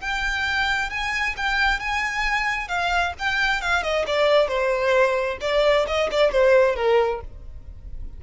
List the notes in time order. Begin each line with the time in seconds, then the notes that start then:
0.00 G5
0.90 G#5
1.37 G5
1.79 G#5
2.68 F5
3.19 G5
3.61 F5
3.82 D#5
4.06 D5
4.48 C5
5.41 D5
5.87 D#5
6.11 D5
6.31 C5
6.75 A#4